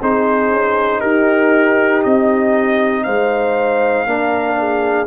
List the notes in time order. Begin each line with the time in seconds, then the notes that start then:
0.00 C4 D#4 G#4 C5
0.51 C#4
1.00 D#4 G4 A#4
2.03 C4 D#5
3.03 G#3 C5 F5
4.06 A#3 D4 A#4
4.58 G#4